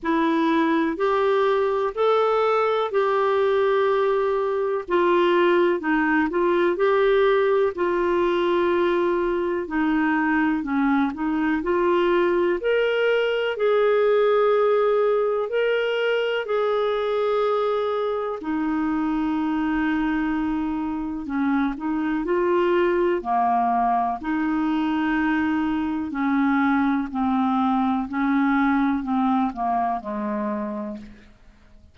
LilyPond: \new Staff \with { instrumentName = "clarinet" } { \time 4/4 \tempo 4 = 62 e'4 g'4 a'4 g'4~ | g'4 f'4 dis'8 f'8 g'4 | f'2 dis'4 cis'8 dis'8 | f'4 ais'4 gis'2 |
ais'4 gis'2 dis'4~ | dis'2 cis'8 dis'8 f'4 | ais4 dis'2 cis'4 | c'4 cis'4 c'8 ais8 gis4 | }